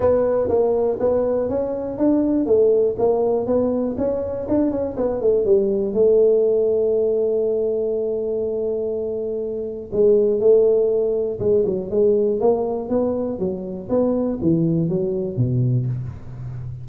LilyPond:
\new Staff \with { instrumentName = "tuba" } { \time 4/4 \tempo 4 = 121 b4 ais4 b4 cis'4 | d'4 a4 ais4 b4 | cis'4 d'8 cis'8 b8 a8 g4 | a1~ |
a1 | gis4 a2 gis8 fis8 | gis4 ais4 b4 fis4 | b4 e4 fis4 b,4 | }